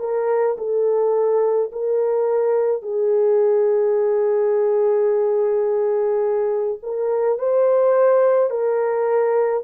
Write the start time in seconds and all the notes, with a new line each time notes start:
0.00 A#4
0.58 A4
1.72 A#4
2.83 G#4
6.83 A#4
7.39 C5
8.51 A#4